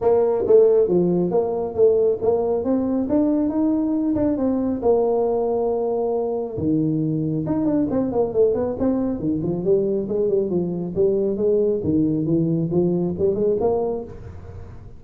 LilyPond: \new Staff \with { instrumentName = "tuba" } { \time 4/4 \tempo 4 = 137 ais4 a4 f4 ais4 | a4 ais4 c'4 d'4 | dis'4. d'8 c'4 ais4~ | ais2. dis4~ |
dis4 dis'8 d'8 c'8 ais8 a8 b8 | c'4 dis8 f8 g4 gis8 g8 | f4 g4 gis4 dis4 | e4 f4 g8 gis8 ais4 | }